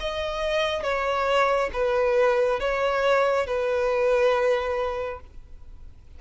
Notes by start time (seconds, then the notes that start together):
0.00 D#5
0.83 C#5
1.73 B4
2.60 C#5
3.47 B4